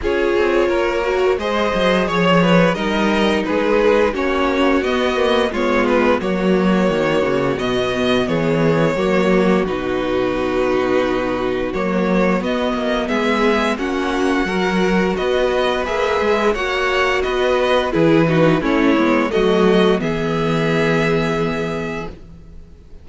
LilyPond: <<
  \new Staff \with { instrumentName = "violin" } { \time 4/4 \tempo 4 = 87 cis''2 dis''4 cis''4 | dis''4 b'4 cis''4 dis''4 | cis''8 b'8 cis''2 dis''4 | cis''2 b'2~ |
b'4 cis''4 dis''4 e''4 | fis''2 dis''4 e''4 | fis''4 dis''4 b'4 cis''4 | dis''4 e''2. | }
  \new Staff \with { instrumentName = "violin" } { \time 4/4 gis'4 ais'4 c''4 cis''8 b'8 | ais'4 gis'4 fis'2 | f'4 fis'2. | gis'4 fis'2.~ |
fis'2. gis'4 | fis'4 ais'4 b'2 | cis''4 b'4 gis'8 fis'8 e'4 | fis'4 gis'2. | }
  \new Staff \with { instrumentName = "viola" } { \time 4/4 f'4. fis'8 gis'2 | dis'2 cis'4 b8 ais8 | b4 ais2 b4~ | b4 ais4 dis'2~ |
dis'4 ais4 b2 | cis'4 fis'2 gis'4 | fis'2 e'8 dis'8 cis'8 b8 | a4 b2. | }
  \new Staff \with { instrumentName = "cello" } { \time 4/4 cis'8 c'8 ais4 gis8 fis8 f4 | g4 gis4 ais4 b4 | gis4 fis4 dis8 cis8 b,4 | e4 fis4 b,2~ |
b,4 fis4 b8 ais8 gis4 | ais4 fis4 b4 ais8 gis8 | ais4 b4 e4 a8 gis8 | fis4 e2. | }
>>